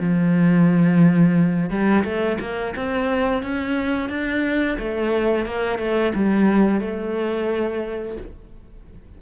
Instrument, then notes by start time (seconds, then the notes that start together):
cello
0.00 F3
1.70 G3
2.04 A3
2.40 A#3
2.76 C4
3.43 C#4
4.09 D4
4.79 A3
5.46 A#3
5.79 A3
6.15 G3
6.81 A3